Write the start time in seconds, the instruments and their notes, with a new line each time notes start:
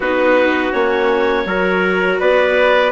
0.00 bassoon B3, viola D#4, trumpet F#4, clarinet B4
0.72 bassoon A#3, viola C#4, clarinet C#5
1.45 bassoon F#3, viola F#4, trumpet A#4
2.20 bassoon B3, trumpet B4, clarinet D5